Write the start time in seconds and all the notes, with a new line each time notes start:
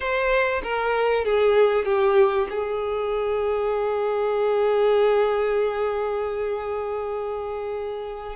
0.00 C5
0.63 A#4
1.24 G#4
1.85 G4
2.49 G#4